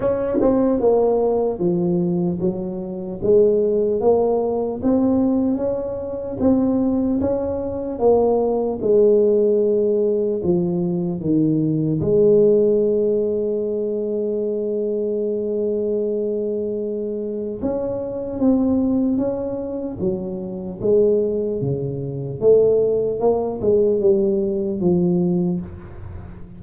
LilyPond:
\new Staff \with { instrumentName = "tuba" } { \time 4/4 \tempo 4 = 75 cis'8 c'8 ais4 f4 fis4 | gis4 ais4 c'4 cis'4 | c'4 cis'4 ais4 gis4~ | gis4 f4 dis4 gis4~ |
gis1~ | gis2 cis'4 c'4 | cis'4 fis4 gis4 cis4 | a4 ais8 gis8 g4 f4 | }